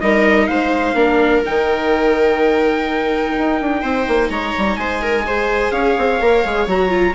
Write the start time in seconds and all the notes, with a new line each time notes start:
0.00 G3 D#4 A#4 D#5
0.47 G#3 C5 F5
0.93 A#3 D4 A#4
1.45 D#3 D#4 G5
3.38 D#4
3.61 D4
3.81 C4 C5
4.07 A#3
4.29 G#3 C#5 A#5
4.57 G3
4.76 G#3 C5 G#5
5.02 A#4
5.26 G#4 C5
5.71 C#4 C#5 F5
5.98 C4
6.20 A#3 A#4
6.44 G#3 G#4
6.66 F#3 F#4 A#5
6.89 F4